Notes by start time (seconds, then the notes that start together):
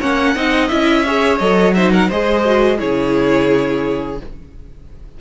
0.00 A#3 C#4 C#5 F#5
0.35 C4 D#4 D#5
0.68 C#4 E4 E5
1.05 G#4 C#5
1.39 F#3 A4 D#5
1.74 D#4 C5 E5
1.92 A#4 F#5
2.08 G#3 G#4 C5 D#5
2.45 F#4
2.78 C#3 E4 G#4 C#5